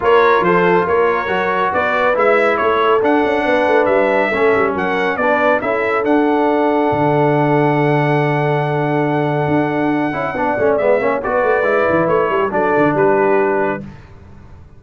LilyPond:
<<
  \new Staff \with { instrumentName = "trumpet" } { \time 4/4 \tempo 4 = 139 cis''4 c''4 cis''2 | d''4 e''4 cis''4 fis''4~ | fis''4 e''2 fis''4 | d''4 e''4 fis''2~ |
fis''1~ | fis''1~ | fis''4 e''4 d''2 | cis''4 d''4 b'2 | }
  \new Staff \with { instrumentName = "horn" } { \time 4/4 ais'4 a'4 ais'2 | b'2 a'2 | b'2 a'4 ais'4 | b'4 a'2.~ |
a'1~ | a'1 | d''4. cis''8 b'2~ | b'8 a'16 g'16 a'4 g'2 | }
  \new Staff \with { instrumentName = "trombone" } { \time 4/4 f'2. fis'4~ | fis'4 e'2 d'4~ | d'2 cis'2 | d'4 e'4 d'2~ |
d'1~ | d'2.~ d'8 e'8 | d'8 cis'8 b8 cis'8 fis'4 e'4~ | e'4 d'2. | }
  \new Staff \with { instrumentName = "tuba" } { \time 4/4 ais4 f4 ais4 fis4 | b4 gis4 a4 d'8 cis'8 | b8 a8 g4 a8 g8 fis4 | b4 cis'4 d'2 |
d1~ | d2 d'4. cis'8 | b8 a8 gis8 ais8 b8 a8 gis8 e8 | a8 g8 fis8 d8 g2 | }
>>